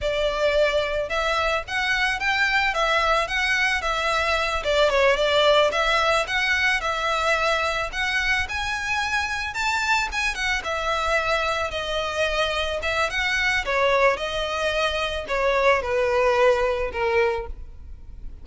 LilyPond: \new Staff \with { instrumentName = "violin" } { \time 4/4 \tempo 4 = 110 d''2 e''4 fis''4 | g''4 e''4 fis''4 e''4~ | e''8 d''8 cis''8 d''4 e''4 fis''8~ | fis''8 e''2 fis''4 gis''8~ |
gis''4. a''4 gis''8 fis''8 e''8~ | e''4. dis''2 e''8 | fis''4 cis''4 dis''2 | cis''4 b'2 ais'4 | }